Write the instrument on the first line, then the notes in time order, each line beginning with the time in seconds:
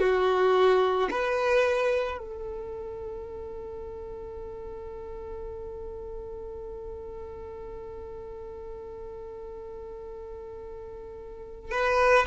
violin
0.00 F#4
1.11 B4
2.18 A4
11.72 B4